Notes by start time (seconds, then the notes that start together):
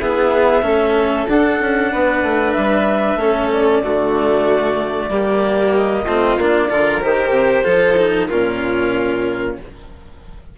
0.00 B3 E4 G#4 E5
0.63 A3 C#4 A4
1.27 D4 F#5
1.60 C#4
1.92 B3 B4
2.23 A3
2.53 G3 E5
3.16 A3 C#4 A4
3.53 D5
3.83 D3 A3 F#4
5.09 G3 A#3 G4
5.77 D#5
6.05 A3 C4 F4
6.38 A#3 D4 D5
6.70 D3 F4 A#4
7.01 D#3 G4 C5
7.31 C3
7.64 F3 F4 A4
7.98 D#4
8.29 A#2 C#4 F4 A#4